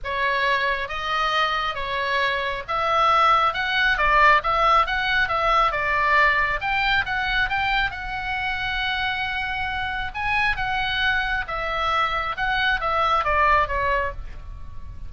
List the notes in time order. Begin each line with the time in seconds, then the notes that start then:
0.03 C#5
0.88 D#5
1.74 C#5
2.68 E5
3.53 F#5
3.97 D5
4.43 E5
4.86 F#5
5.28 E5
5.71 D5
6.60 G5
7.05 F#5
7.49 G5
7.91 F#5
10.14 G#5
10.56 F#5
11.47 E5
12.36 F#5
12.80 E5
13.24 D5
13.67 C#5